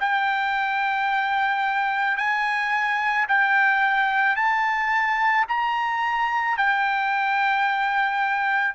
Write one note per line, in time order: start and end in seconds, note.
0.00 2.17 G5
2.17 3.26 G#5
3.28 4.36 G5
4.36 5.45 A5
5.48 6.57 A#5
6.57 8.75 G5